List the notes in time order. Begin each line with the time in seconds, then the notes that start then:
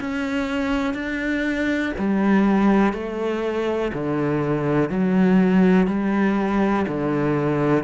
0.00 C#4
0.94 D4
1.98 G3
2.93 A3
3.93 D3
4.90 F#3
5.87 G3
6.88 D3